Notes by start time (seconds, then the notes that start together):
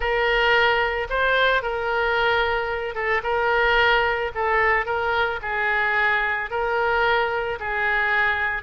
0.00 A#4
1.09 C5
1.62 A#4
2.94 A4
3.23 A#4
4.34 A4
4.85 A#4
5.42 G#4
6.50 A#4
7.59 G#4